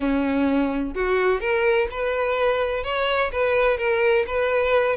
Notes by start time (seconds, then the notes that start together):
0.00 C#4
0.94 F#4
1.40 A#4
1.90 B4
2.83 C#5
3.32 B4
3.77 A#4
4.26 B4